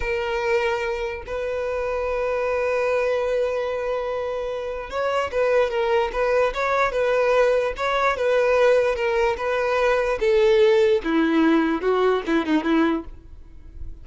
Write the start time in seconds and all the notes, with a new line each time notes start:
0.00 A#4
1.26 B4
4.89 C#5
5.31 B4
5.70 A#4
6.12 B4
6.53 C#5
6.92 B4
7.76 C#5
8.16 B4
8.95 A#4
9.37 B4
10.20 A4
11.04 E4
11.81 F#4
12.26 E4
12.45 D#4
12.63 E4